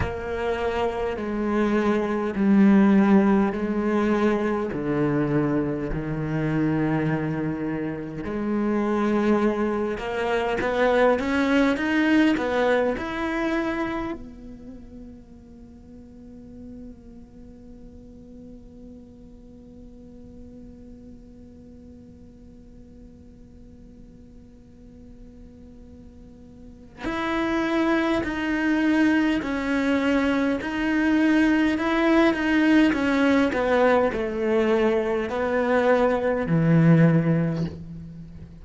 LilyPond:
\new Staff \with { instrumentName = "cello" } { \time 4/4 \tempo 4 = 51 ais4 gis4 g4 gis4 | d4 dis2 gis4~ | gis8 ais8 b8 cis'8 dis'8 b8 e'4 | b1~ |
b1~ | b2. e'4 | dis'4 cis'4 dis'4 e'8 dis'8 | cis'8 b8 a4 b4 e4 | }